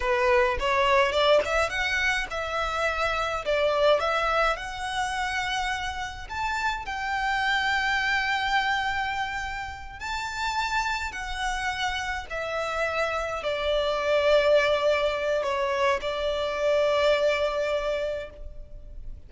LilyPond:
\new Staff \with { instrumentName = "violin" } { \time 4/4 \tempo 4 = 105 b'4 cis''4 d''8 e''8 fis''4 | e''2 d''4 e''4 | fis''2. a''4 | g''1~ |
g''4. a''2 fis''8~ | fis''4. e''2 d''8~ | d''2. cis''4 | d''1 | }